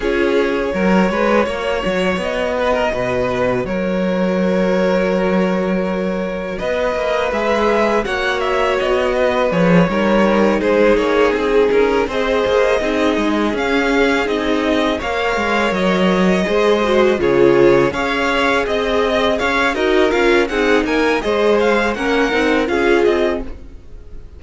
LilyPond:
<<
  \new Staff \with { instrumentName = "violin" } { \time 4/4 \tempo 4 = 82 cis''2. dis''4~ | dis''4 cis''2.~ | cis''4 dis''4 e''4 fis''8 e''8 | dis''4 cis''4. c''8 cis''8 gis'8~ |
gis'8 dis''2 f''4 dis''8~ | dis''8 f''4 dis''2 cis''8~ | cis''8 f''4 dis''4 f''8 dis''8 f''8 | fis''8 gis''8 dis''8 f''8 fis''4 f''8 dis''8 | }
  \new Staff \with { instrumentName = "violin" } { \time 4/4 gis'4 ais'8 b'8 cis''4. b'16 ais'16 | b'4 ais'2.~ | ais'4 b'2 cis''4~ | cis''8 b'4 ais'4 gis'4. |
ais'8 c''4 gis'2~ gis'8~ | gis'8 cis''2 c''4 gis'8~ | gis'8 cis''4 dis''4 cis''8 ais'4 | gis'8 ais'8 c''4 ais'4 gis'4 | }
  \new Staff \with { instrumentName = "viola" } { \time 4/4 f'4 fis'2.~ | fis'1~ | fis'2 gis'4 fis'4~ | fis'4 gis'8 dis'2~ dis'8~ |
dis'8 gis'4 dis'4 cis'4 dis'8~ | dis'8 ais'2 gis'8 fis'8 f'8~ | f'8 gis'2~ gis'8 fis'8 f'8 | dis'4 gis'4 cis'8 dis'8 f'4 | }
  \new Staff \with { instrumentName = "cello" } { \time 4/4 cis'4 fis8 gis8 ais8 fis8 b4 | b,4 fis2.~ | fis4 b8 ais8 gis4 ais4 | b4 f8 g4 gis8 ais8 c'8 |
cis'8 c'8 ais8 c'8 gis8 cis'4 c'8~ | c'8 ais8 gis8 fis4 gis4 cis8~ | cis8 cis'4 c'4 cis'8 dis'8 cis'8 | c'8 ais8 gis4 ais8 c'8 cis'8 c'8 | }
>>